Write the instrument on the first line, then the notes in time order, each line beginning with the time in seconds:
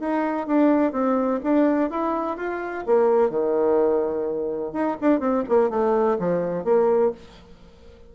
bassoon
0.00 D#4
0.47 D4
0.93 C4
1.44 D4
1.90 E4
2.37 F4
2.87 A#3
3.30 D#3
4.73 D#4
5.01 D4
5.20 C4
5.49 A#3
5.70 A3
6.19 F3
6.65 A#3